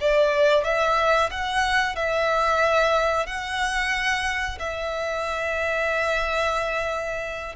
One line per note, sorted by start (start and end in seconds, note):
0.00 0.64 D5
0.64 1.30 E5
1.31 1.95 F#5
1.95 3.26 E5
3.26 4.58 F#5
4.59 7.56 E5